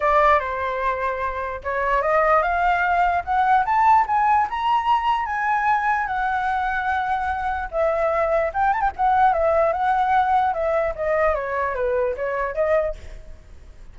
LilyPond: \new Staff \with { instrumentName = "flute" } { \time 4/4 \tempo 4 = 148 d''4 c''2. | cis''4 dis''4 f''2 | fis''4 a''4 gis''4 ais''4~ | ais''4 gis''2 fis''4~ |
fis''2. e''4~ | e''4 g''8 a''16 g''16 fis''4 e''4 | fis''2 e''4 dis''4 | cis''4 b'4 cis''4 dis''4 | }